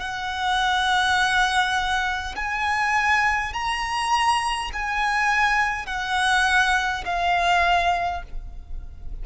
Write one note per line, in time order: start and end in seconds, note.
0.00 2.35 F#5
2.36 3.53 G#5
3.53 4.71 A#5
4.73 5.86 G#5
5.86 7.04 F#5
7.05 8.22 F5